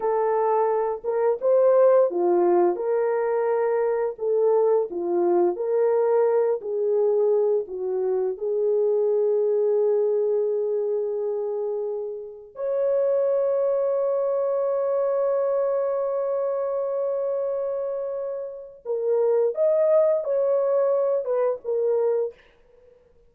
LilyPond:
\new Staff \with { instrumentName = "horn" } { \time 4/4 \tempo 4 = 86 a'4. ais'8 c''4 f'4 | ais'2 a'4 f'4 | ais'4. gis'4. fis'4 | gis'1~ |
gis'2 cis''2~ | cis''1~ | cis''2. ais'4 | dis''4 cis''4. b'8 ais'4 | }